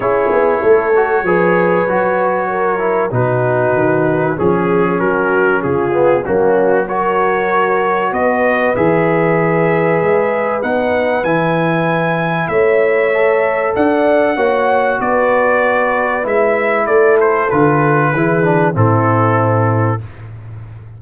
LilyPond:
<<
  \new Staff \with { instrumentName = "trumpet" } { \time 4/4 \tempo 4 = 96 cis''1~ | cis''4 b'2 gis'4 | ais'4 gis'4 fis'4 cis''4~ | cis''4 dis''4 e''2~ |
e''4 fis''4 gis''2 | e''2 fis''2 | d''2 e''4 d''8 c''8 | b'2 a'2 | }
  \new Staff \with { instrumentName = "horn" } { \time 4/4 gis'4 a'4 b'2 | ais'4 fis'2 gis'4 | fis'4 f'4 cis'4 ais'4~ | ais'4 b'2.~ |
b'1 | cis''2 d''4 cis''4 | b'2. a'4~ | a'4 gis'4 e'2 | }
  \new Staff \with { instrumentName = "trombone" } { \time 4/4 e'4. fis'8 gis'4 fis'4~ | fis'8 e'8 dis'2 cis'4~ | cis'4. b8 ais4 fis'4~ | fis'2 gis'2~ |
gis'4 dis'4 e'2~ | e'4 a'2 fis'4~ | fis'2 e'2 | f'4 e'8 d'8 c'2 | }
  \new Staff \with { instrumentName = "tuba" } { \time 4/4 cis'8 b8 a4 f4 fis4~ | fis4 b,4 dis4 f4 | fis4 cis4 fis2~ | fis4 b4 e2 |
gis4 b4 e2 | a2 d'4 ais4 | b2 gis4 a4 | d4 e4 a,2 | }
>>